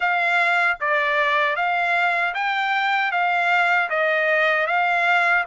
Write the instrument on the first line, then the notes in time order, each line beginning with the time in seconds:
trumpet
0.00 F5
0.80 D5
1.56 F5
2.34 G5
3.11 F5
3.89 D#5
4.66 F5